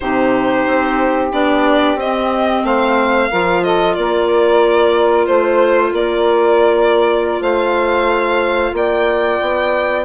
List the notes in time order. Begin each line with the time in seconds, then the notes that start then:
0.00 C3 D#4 G4 C5
0.66 C4
1.31 B3 D4 D5
1.95 C4 D#5
2.63 A3 C5 F5
3.29 F3 F4 A#4
3.63 A4 D#5
3.93 A#3 A#4 D5
5.26 A3 C5
5.92 A#3 A#4 D5
7.40 A3 C5 F5
8.73 A#3 D5 G5
9.41 B3